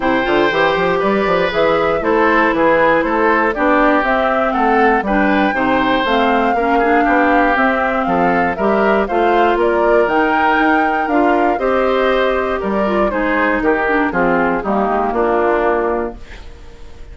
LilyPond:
<<
  \new Staff \with { instrumentName = "flute" } { \time 4/4 \tempo 4 = 119 g''2 d''4 e''4 | c''4 b'4 c''4 d''4 | e''4 fis''4 g''2 | f''2. e''4 |
f''4 e''4 f''4 d''4 | g''2 f''4 dis''4~ | dis''4 d''4 c''4 ais'4 | gis'4 g'4 f'2 | }
  \new Staff \with { instrumentName = "oboe" } { \time 4/4 c''2 b'2 | a'4 gis'4 a'4 g'4~ | g'4 a'4 b'4 c''4~ | c''4 ais'8 gis'8 g'2 |
a'4 ais'4 c''4 ais'4~ | ais'2. c''4~ | c''4 ais'4 gis'4 g'4 | f'4 dis'4 d'2 | }
  \new Staff \with { instrumentName = "clarinet" } { \time 4/4 e'8 f'8 g'2 gis'4 | e'2. d'4 | c'2 d'4 dis'4 | c'4 cis'8 d'4. c'4~ |
c'4 g'4 f'2 | dis'2 f'4 g'4~ | g'4. f'8 dis'4. d'8 | c'4 ais2. | }
  \new Staff \with { instrumentName = "bassoon" } { \time 4/4 c8 d8 e8 f8 g8 f8 e4 | a4 e4 a4 b4 | c'4 a4 g4 c4 | a4 ais4 b4 c'4 |
f4 g4 a4 ais4 | dis4 dis'4 d'4 c'4~ | c'4 g4 gis4 dis4 | f4 g8 gis8 ais2 | }
>>